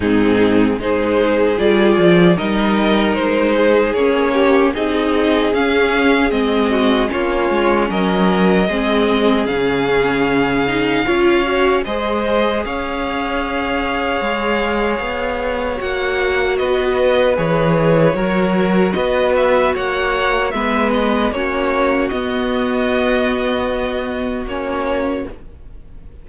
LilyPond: <<
  \new Staff \with { instrumentName = "violin" } { \time 4/4 \tempo 4 = 76 gis'4 c''4 d''4 dis''4 | c''4 cis''4 dis''4 f''4 | dis''4 cis''4 dis''2 | f''2. dis''4 |
f''1 | fis''4 dis''4 cis''2 | dis''8 e''8 fis''4 e''8 dis''8 cis''4 | dis''2. cis''4 | }
  \new Staff \with { instrumentName = "violin" } { \time 4/4 dis'4 gis'2 ais'4~ | ais'8 gis'4 g'8 gis'2~ | gis'8 fis'8 f'4 ais'4 gis'4~ | gis'2 cis''4 c''4 |
cis''1~ | cis''4 b'2 ais'4 | b'4 cis''4 b'4 fis'4~ | fis'1 | }
  \new Staff \with { instrumentName = "viola" } { \time 4/4 c'4 dis'4 f'4 dis'4~ | dis'4 cis'4 dis'4 cis'4 | c'4 cis'2 c'4 | cis'4. dis'8 f'8 fis'8 gis'4~ |
gis'1 | fis'2 gis'4 fis'4~ | fis'2 b4 cis'4 | b2. cis'4 | }
  \new Staff \with { instrumentName = "cello" } { \time 4/4 gis,4 gis4 g8 f8 g4 | gis4 ais4 c'4 cis'4 | gis4 ais8 gis8 fis4 gis4 | cis2 cis'4 gis4 |
cis'2 gis4 b4 | ais4 b4 e4 fis4 | b4 ais4 gis4 ais4 | b2. ais4 | }
>>